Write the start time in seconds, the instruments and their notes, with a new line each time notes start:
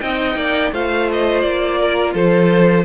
0.00 cello C4, viola D#4, violin D#5 G5
0.36 cello A#3, violin D5
0.72 cello A3, viola F4, violin C5 F5
1.12 violin D#5
1.41 cello A#3, violin D5
1.80 violin A#4
2.14 cello F3, violin A4 C5